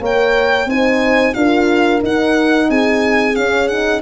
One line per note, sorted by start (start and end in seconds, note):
0.00 0.65 A#3
0.00 0.67 A#4
0.00 0.67 C#5
0.00 0.69 G5
0.65 1.32 C4
0.65 1.35 D#4
0.65 1.35 C5
0.65 1.33 G#5
1.33 2.02 D4
1.33 2.01 F4
1.33 2.69 A#4
1.33 2.00 F5
2.01 3.34 D#4
2.01 2.69 D#4
2.01 2.70 F#5
2.69 3.35 C4
2.69 4.02 G#4
2.69 3.35 G#5
3.35 4.02 C#4
3.35 3.70 C#4
3.35 3.67 F5
3.67 4.02 D#4
3.67 4.01 F#5